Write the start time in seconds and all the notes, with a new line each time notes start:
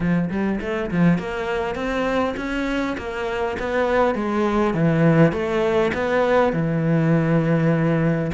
0.00 F3
0.30 G3
0.60 A3
0.90 F3
1.18 A#3
1.75 C4
2.37 C#4
2.97 A#3
3.59 B3
4.14 G#3
4.74 E3
5.32 A3
5.94 B3
6.53 E3